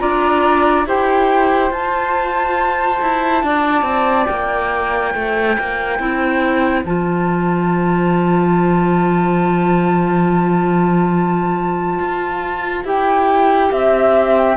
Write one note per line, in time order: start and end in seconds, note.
0.00 0.86 D4
0.00 0.86 F4
0.00 0.87 D5
0.00 0.86 A#5
0.86 1.72 E4
0.86 1.72 G4
0.86 3.45 C5
0.86 1.72 G5
1.72 3.00 F4
1.72 5.99 F4
1.72 4.26 A5
3.02 3.43 E4
3.43 3.83 D4
3.43 5.14 D5
3.83 4.26 C4
4.26 5.15 A#3
4.26 6.84 G5
5.14 5.58 A3
5.14 13.71 C5
5.59 5.99 A#3
5.99 6.85 C4
5.99 6.85 E4
6.85 12.00 F3
6.85 12.85 F4
6.85 12.86 A5
12.00 12.84 F4
12.84 13.70 E4
12.84 14.57 G4
12.84 13.72 G5
13.72 14.57 C4
13.72 14.36 E5
13.72 14.57 E5
14.37 14.57 G5